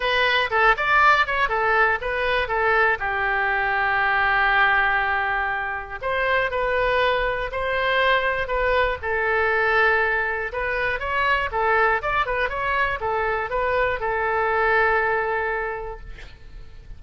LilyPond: \new Staff \with { instrumentName = "oboe" } { \time 4/4 \tempo 4 = 120 b'4 a'8 d''4 cis''8 a'4 | b'4 a'4 g'2~ | g'1 | c''4 b'2 c''4~ |
c''4 b'4 a'2~ | a'4 b'4 cis''4 a'4 | d''8 b'8 cis''4 a'4 b'4 | a'1 | }